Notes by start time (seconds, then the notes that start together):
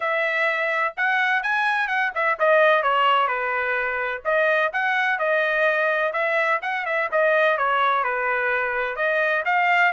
0.00 E5
0.96 F#5
1.42 G#5
1.87 F#5
2.15 E5
2.39 D#5
2.82 C#5
3.27 B4
4.24 D#5
4.72 F#5
5.18 D#5
6.12 E5
6.62 F#5
6.85 E5
7.11 D#5
7.57 C#5
8.03 B4
8.95 D#5
9.45 F5